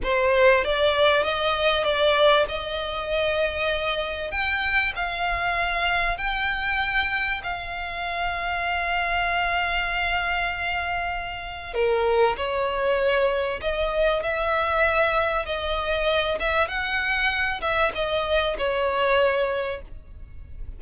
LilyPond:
\new Staff \with { instrumentName = "violin" } { \time 4/4 \tempo 4 = 97 c''4 d''4 dis''4 d''4 | dis''2. g''4 | f''2 g''2 | f''1~ |
f''2. ais'4 | cis''2 dis''4 e''4~ | e''4 dis''4. e''8 fis''4~ | fis''8 e''8 dis''4 cis''2 | }